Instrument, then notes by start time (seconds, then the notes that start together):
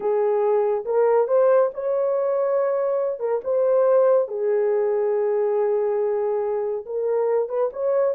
horn
0.00 G#4
0.85 A#4
1.27 C5
1.74 C#5
3.19 A#4
3.44 C5
4.28 G#4
6.85 A#4
7.48 B4
7.72 C#5